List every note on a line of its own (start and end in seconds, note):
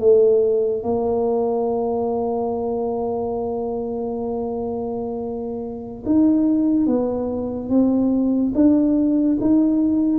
0.00 0.83 A3
0.83 6.04 A#3
6.06 6.87 D#4
6.87 7.70 B3
7.70 8.53 C4
8.55 9.38 D4
9.41 10.19 D#4